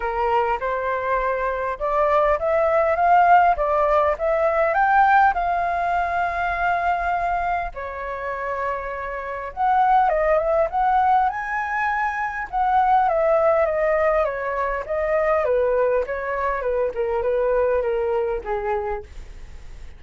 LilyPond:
\new Staff \with { instrumentName = "flute" } { \time 4/4 \tempo 4 = 101 ais'4 c''2 d''4 | e''4 f''4 d''4 e''4 | g''4 f''2.~ | f''4 cis''2. |
fis''4 dis''8 e''8 fis''4 gis''4~ | gis''4 fis''4 e''4 dis''4 | cis''4 dis''4 b'4 cis''4 | b'8 ais'8 b'4 ais'4 gis'4 | }